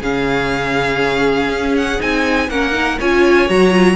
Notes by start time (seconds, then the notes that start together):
0.00 C#3 C#4 G#4 F5
1.49 C#4
1.77 F#5
2.00 C4 D#4 G#5
2.49 A#3 C#4 A#4 F#5
2.72 D#4
2.99 C#4 F4 C#5 G#5
3.48 F#3 F#4 A#5
3.70 F4